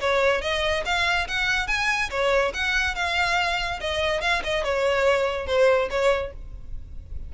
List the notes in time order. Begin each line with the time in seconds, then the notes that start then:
0.00 C#5
0.41 D#5
0.85 F5
1.28 F#5
1.67 G#5
2.10 C#5
2.54 F#5
2.95 F5
3.80 D#5
4.21 F5
4.44 D#5
4.64 C#5
5.47 C5
5.90 C#5